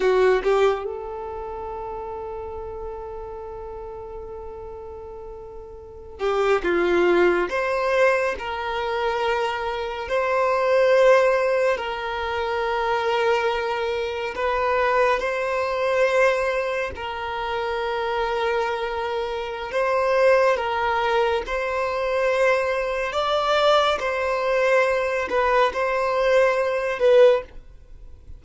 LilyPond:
\new Staff \with { instrumentName = "violin" } { \time 4/4 \tempo 4 = 70 fis'8 g'8 a'2.~ | a'2.~ a'16 g'8 f'16~ | f'8. c''4 ais'2 c''16~ | c''4.~ c''16 ais'2~ ais'16~ |
ais'8. b'4 c''2 ais'16~ | ais'2. c''4 | ais'4 c''2 d''4 | c''4. b'8 c''4. b'8 | }